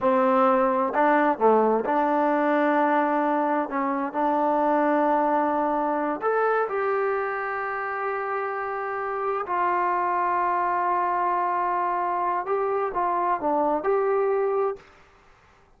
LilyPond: \new Staff \with { instrumentName = "trombone" } { \time 4/4 \tempo 4 = 130 c'2 d'4 a4 | d'1 | cis'4 d'2.~ | d'4. a'4 g'4.~ |
g'1~ | g'8 f'2.~ f'8~ | f'2. g'4 | f'4 d'4 g'2 | }